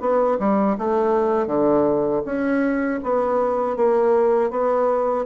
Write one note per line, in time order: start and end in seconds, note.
0.00 0.38 B3
0.39 0.76 G3
0.78 1.47 A3
1.47 2.22 D3
2.25 3.00 C#4
3.03 3.76 B3
3.76 4.50 A#3
4.50 5.25 B3